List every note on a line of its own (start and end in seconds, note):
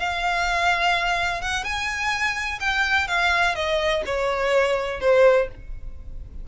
0.00 1.42 F5
1.42 1.65 F#5
1.65 2.60 G#5
2.61 3.08 G5
3.08 3.56 F5
3.56 4.03 D#5
4.06 5.01 C#5
5.01 5.48 C5